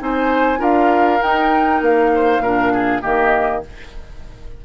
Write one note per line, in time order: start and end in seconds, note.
0.00 0.60 C4
0.00 0.58 D#4
0.00 0.59 C5
0.00 0.63 G#5
0.58 1.20 D4
0.58 1.19 F4
0.58 2.11 A#4
0.58 1.22 F5
1.22 2.44 D#4
1.22 1.82 D#4
1.22 1.83 G5
1.82 2.40 A#3
1.82 3.03 F5
2.15 2.42 C5
2.40 3.01 A#2
2.40 3.02 D4
2.40 2.73 A#4
2.73 3.02 G#4
3.02 3.65 D#3
3.02 3.62 A#3
3.02 3.63 G4
3.02 3.64 D#5